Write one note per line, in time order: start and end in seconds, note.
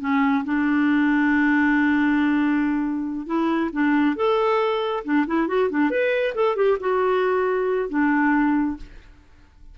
0.00 0.44 C#4
0.44 3.27 D4
3.27 3.70 E4
3.72 4.16 D4
4.16 5.04 A4
5.04 5.26 D4
5.27 5.48 E4
5.48 5.70 F#4
5.70 5.90 D4
5.90 6.34 B4
6.35 6.56 A4
6.56 6.78 G4
6.80 7.89 F#4
7.89 8.77 D4